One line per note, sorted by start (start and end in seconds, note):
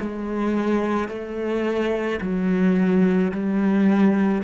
0.00 1.09 G#3
1.09 2.20 A3
2.21 3.32 F#3
3.32 4.43 G3